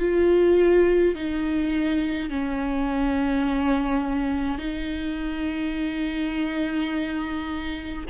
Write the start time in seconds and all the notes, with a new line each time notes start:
0.00 F4
1.15 D#4
2.30 C#4
4.58 D#4